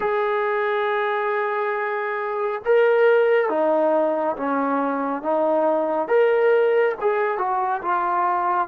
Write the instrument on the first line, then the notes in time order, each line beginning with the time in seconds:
trombone
0.00 G#4
2.65 A#4
3.49 D#4
4.36 C#4
5.22 D#4
6.08 A#4
7.00 G#4
7.38 F#4
7.82 F4